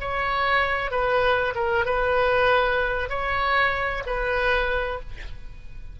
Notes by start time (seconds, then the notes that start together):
0.00 C#5
0.91 B4
1.55 A#4
1.85 B4
3.10 C#5
4.06 B4